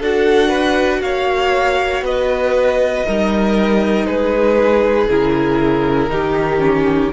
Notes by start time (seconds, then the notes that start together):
0.00 D4 F#4 A4 F#5
0.50 B4
1.02 A#3 C#5 F5
2.02 B3 B4 D#5
3.05 G3 D#4 A#4
4.06 G#3 G#4 B4
5.10 C#3 E4 A#4
6.09 D#3 D#4 G4
6.60 C#4